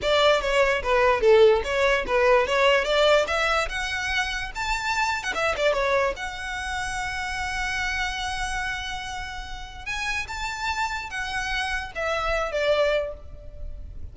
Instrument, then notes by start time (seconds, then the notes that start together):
violin
0.02 D5
0.41 C#5
0.82 B4
1.20 A4
1.64 C#5
2.07 B4
2.47 C#5
2.84 D5
3.27 E5
3.69 F#5
4.55 A5
5.23 F#5
5.34 E5
5.56 D5
5.73 C#5
6.16 F#5
9.85 G#5
10.27 A5
11.09 F#5
11.95 E5
12.51 D5